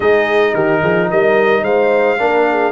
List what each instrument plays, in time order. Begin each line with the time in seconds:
0.00 tuba G#3, trombone D#4, horn G#4, trumpet D#5
0.54 tuba D#3, horn G4, trumpet A#4
0.81 tuba F3, horn G#4
1.10 tuba G3, horn A#4, trumpet D#5
1.61 tuba G#3, horn C5, trumpet F5
2.18 tuba A#3, trombone D4, horn A#4
2.49 horn G#4